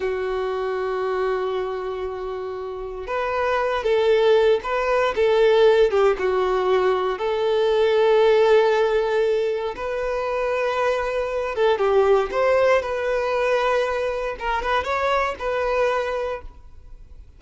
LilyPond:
\new Staff \with { instrumentName = "violin" } { \time 4/4 \tempo 4 = 117 fis'1~ | fis'2 b'4. a'8~ | a'4 b'4 a'4. g'8 | fis'2 a'2~ |
a'2. b'4~ | b'2~ b'8 a'8 g'4 | c''4 b'2. | ais'8 b'8 cis''4 b'2 | }